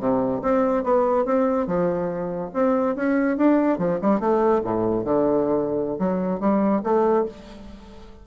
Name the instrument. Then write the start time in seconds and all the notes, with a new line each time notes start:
bassoon
0.00 C3
0.42 C4
0.84 B3
1.26 C4
1.67 F3
2.54 C4
2.96 C#4
3.38 D4
3.79 F3
4.02 G3
4.20 A3
4.64 A2
5.05 D3
5.99 F#3
6.40 G3
6.84 A3